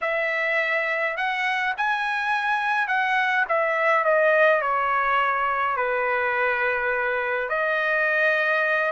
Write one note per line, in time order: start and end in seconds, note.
0.01 1.16 E5
1.16 1.74 F#5
1.77 2.87 G#5
2.87 3.45 F#5
3.48 4.04 E5
4.04 4.61 D#5
4.61 5.76 C#5
5.76 7.49 B4
7.49 8.91 D#5